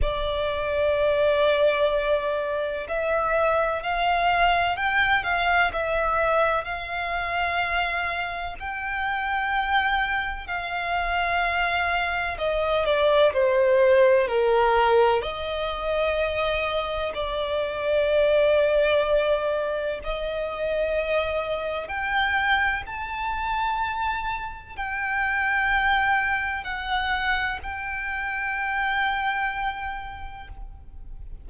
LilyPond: \new Staff \with { instrumentName = "violin" } { \time 4/4 \tempo 4 = 63 d''2. e''4 | f''4 g''8 f''8 e''4 f''4~ | f''4 g''2 f''4~ | f''4 dis''8 d''8 c''4 ais'4 |
dis''2 d''2~ | d''4 dis''2 g''4 | a''2 g''2 | fis''4 g''2. | }